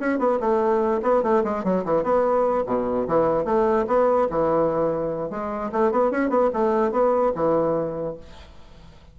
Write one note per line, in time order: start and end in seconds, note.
0.00 0.19 C#4
0.19 0.40 B3
0.41 1.02 A3
1.03 1.23 B3
1.23 1.44 A3
1.45 1.65 G#3
1.65 1.85 F#3
1.85 2.04 E3
2.04 2.65 B3
2.67 3.08 B2
3.08 3.45 E3
3.45 3.86 A3
3.88 4.29 B3
4.30 5.30 E3
5.30 5.71 G#3
5.73 5.92 A3
5.92 6.12 B3
6.12 6.30 C#4
6.30 6.50 B3
6.54 6.92 A3
6.92 7.33 B3
7.36 8.17 E3